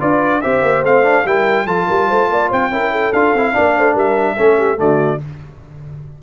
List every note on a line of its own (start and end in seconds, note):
0.00 0.43 D4
0.00 0.42 F4
0.00 0.42 B4
0.00 0.41 D5
0.41 0.62 C4
0.41 0.85 G4
0.41 1.26 C5
0.41 0.83 E5
0.62 0.82 A#3
0.82 1.24 A3
0.82 1.03 C4
0.82 1.27 F5
1.03 1.24 D4
1.25 1.66 G3
1.25 1.67 E4
1.25 1.66 A#4
1.25 1.67 G5
1.66 1.87 F3
1.66 2.71 F4
1.66 1.87 A4
1.66 2.50 A5
1.87 2.11 G3
1.87 2.08 A#4
2.08 2.30 A3
2.08 2.29 C5
2.30 2.51 A#3
2.30 2.50 D5
2.50 2.71 C4
2.50 2.70 C5
2.50 3.13 G5
2.71 3.12 C#4
2.71 3.13 E4
2.71 2.92 A#4
2.92 3.54 A4
3.13 3.34 D4
3.13 3.36 F4
3.13 3.96 F5
3.34 3.55 C4
3.34 3.53 E4
3.53 3.77 A#3
3.53 4.36 D4
3.53 3.76 D5
3.77 3.95 A3
3.77 3.93 C5
3.93 4.37 G3
3.93 4.35 A#4
3.93 4.80 E5
4.37 4.80 A3
4.37 4.77 C#4
4.37 4.58 A4
4.58 4.79 G4
4.77 5.21 D3
4.77 5.18 A3
4.77 5.22 F#4
4.77 5.22 D5